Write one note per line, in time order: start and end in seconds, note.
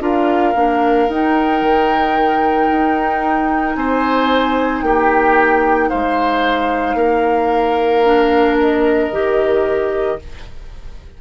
0.00 0.54 D4
0.00 0.54 F4
0.00 3.76 A#4
0.00 1.10 F5
0.55 1.08 A#3
0.55 1.08 D4
1.08 1.61 D#4
1.08 8.05 D#4
1.08 3.75 G5
1.61 2.69 D#3
2.71 3.75 D#4
3.75 4.82 C4
3.75 4.85 C5
3.75 4.82 G#5
4.82 5.90 A#3
4.82 5.89 G4
4.82 5.89 G5
5.89 6.94 G#3
5.89 6.96 C5
5.89 8.57 F5
6.94 9.09 A#3
6.94 10.18 A#4
8.05 9.12 D4
8.60 10.21 D#5
9.12 10.19 D#3
9.12 10.19 G4